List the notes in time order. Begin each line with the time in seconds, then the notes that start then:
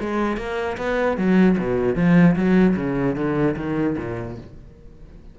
0.00 G#3
0.37 A#3
0.77 B3
1.17 F#3
1.58 B2
1.95 F3
2.35 F#3
2.76 C#3
3.16 D3
3.56 D#3
3.97 A#2